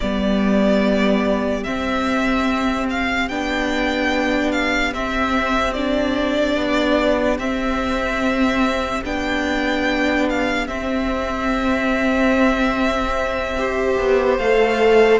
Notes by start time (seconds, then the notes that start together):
0.00 G3 B3 G4 D5
1.63 C4 E5
2.90 F5
3.28 B3 D4 G5
4.51 F5
4.93 C4 E5
5.73 D4 D5
6.56 B3
7.38 C4 E5
9.04 B3 D4 G5
10.29 F5
10.67 C4 E5
13.57 G4 C5
13.98 B3
14.37 A3 A4 F5